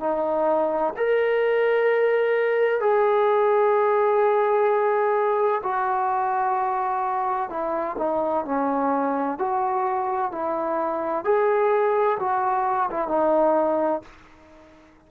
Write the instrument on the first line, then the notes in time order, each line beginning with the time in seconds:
trombone
0.00 D#4
0.97 A#4
2.81 G#4
5.63 F#4
7.50 E4
7.99 D#4
8.45 C#4
9.39 F#4
10.32 E4
11.25 G#4
12.20 F#4
12.91 E4
13.08 D#4